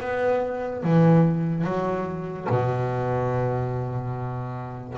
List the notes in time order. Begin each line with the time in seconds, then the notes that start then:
0.00 B3
0.83 E3
1.64 F#3
2.49 B2